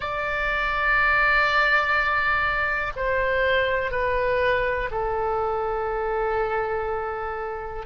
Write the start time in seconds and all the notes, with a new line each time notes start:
0.00 D5
2.96 C5
3.91 B4
4.91 A4